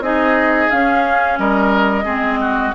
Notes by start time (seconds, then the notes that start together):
0.00 C4 D#4 G#4 D#5
0.70 C#4 F5
1.39 G3 A#4 D#5
2.05 G#3 C4 G#4
2.41 F#4